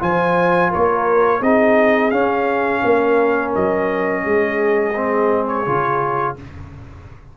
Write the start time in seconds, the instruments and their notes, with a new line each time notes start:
0.00 tuba F3, trombone F4, horn C5, trumpet G#5
0.71 tuba A#3, horn A#4, trumpet C#5
1.41 tuba C4, trombone D#4, horn G#4, trumpet D#5
2.11 tuba C#4, trombone C#4, trumpet F5
2.85 tuba A#3, horn A#4
3.55 tuba F#3, trumpet D#5
4.24 tuba G#3, horn G#4
4.95 trombone C4
5.48 trumpet C#5
5.66 tuba C#3, trombone F4